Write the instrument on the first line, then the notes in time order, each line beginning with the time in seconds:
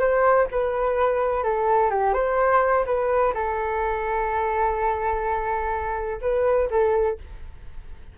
flute
0.00 C5
0.52 B4
1.44 A4
1.91 G4
2.14 C5
2.86 B4
3.35 A4
6.22 B4
6.71 A4